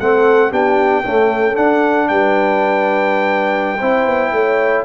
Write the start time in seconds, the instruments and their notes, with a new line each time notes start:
0.00 tuba A3, trombone C4, horn A4, trumpet F#5
0.51 tuba B3, trombone D4, horn G4, trumpet G5
1.04 trombone A3, tuba C#4, horn A4
1.54 trombone D4, tuba D4, trumpet F#5
2.08 tuba G3, horn B4, trumpet G5
3.79 tuba C4, trombone E4, horn C5
4.06 tuba B3
4.32 tuba A3, horn C#5